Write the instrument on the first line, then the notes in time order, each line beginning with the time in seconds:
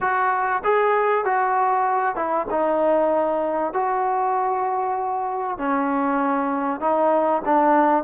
trombone
0.00 F#4
0.64 G#4
1.25 F#4
2.15 E4
2.50 D#4
3.73 F#4
5.58 C#4
6.80 D#4
7.45 D4